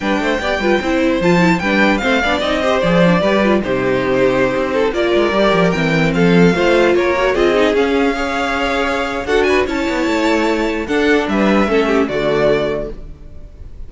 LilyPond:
<<
  \new Staff \with { instrumentName = "violin" } { \time 4/4 \tempo 4 = 149 g''2. a''4 | g''4 f''4 dis''4 d''4~ | d''4 c''2.~ | c''16 d''2 g''4 f''8.~ |
f''4~ f''16 cis''4 dis''4 f''8.~ | f''2. fis''8 gis''8 | a''2. fis''4 | e''2 d''2 | }
  \new Staff \with { instrumentName = "violin" } { \time 4/4 b'8 c''8 d''8 b'8 c''2 | b'4 c''8 d''4 c''4. | b'4 g'2~ g'8. a'16~ | a'16 ais'2. a'8.~ |
a'16 c''4 ais'4 gis'4.~ gis'16~ | gis'16 cis''2~ cis''8. a'8 b'8 | cis''2. a'4 | b'4 a'8 g'8 fis'2 | }
  \new Staff \with { instrumentName = "viola" } { \time 4/4 d'4 g'8 f'8 e'4 f'8 e'8 | d'4 c'8 d'8 dis'8 g'8 gis'8 d'8 | g'8 f'8 dis'2.~ | dis'16 f'4 g'4 c'4.~ c'16~ |
c'16 f'4. fis'8 f'8 dis'8 cis'8.~ | cis'16 gis'2~ gis'8. fis'4 | e'2. d'4~ | d'4 cis'4 a2 | }
  \new Staff \with { instrumentName = "cello" } { \time 4/4 g8 a8 b8 g8 c'4 f4 | g4 a8 b8 c'4 f4 | g4 c2~ c16 c'8.~ | c'16 ais8 gis8 g8 f8 e4 f8.~ |
f16 a4 ais4 c'4 cis'8.~ | cis'2. d'4 | cis'8 b8 a2 d'4 | g4 a4 d2 | }
>>